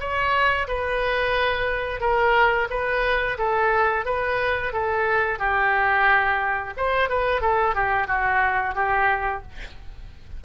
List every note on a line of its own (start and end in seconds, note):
0.00 0.67 C#5
0.67 2.00 B4
2.00 2.68 A#4
2.70 3.38 B4
3.38 4.05 A4
4.05 4.73 B4
4.73 5.39 A4
5.39 6.74 G4
6.77 7.09 C5
7.09 7.41 B4
7.41 7.75 A4
7.75 8.07 G4
8.07 8.75 F#4
8.75 9.42 G4